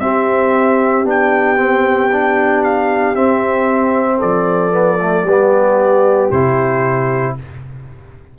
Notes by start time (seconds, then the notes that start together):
0.00 C4 G4 E5
1.04 B3 D4 G5
1.57 C4
2.12 D4
2.64 F5
3.16 C4 E5
4.18 F3 A4 D5
4.71 B3
5.01 A3
5.23 G3 B3 G4
6.31 C3 E4 C5